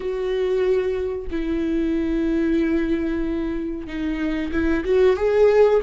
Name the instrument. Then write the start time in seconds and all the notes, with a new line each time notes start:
viola
0.00 F#4
1.30 E4
3.87 D#4
4.52 E4
4.84 F#4
5.16 G#4